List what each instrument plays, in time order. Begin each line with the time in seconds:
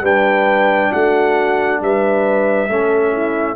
0.00 tuba G3, trombone D4, horn B4, trumpet G5
0.92 tuba A3, horn F#4, trumpet F#5
1.81 tuba G3, horn B4, trumpet E5
2.68 tuba A3, trombone C#4, horn A4
3.12 horn E4